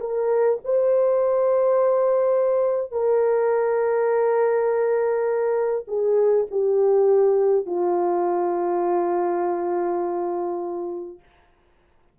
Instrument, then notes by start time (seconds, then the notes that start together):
horn
0.00 A#4
0.65 C5
2.91 A#4
5.88 G#4
6.51 G4
7.66 F4